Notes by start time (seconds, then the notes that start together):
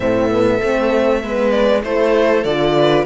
0.00 A2 C4 A4 E5
0.29 B3
0.61 A3 C4
1.22 G#3 B3 B4
1.50 D5
1.82 A3 E4 A4 C5
2.43 D3 F4 D5
2.77 B4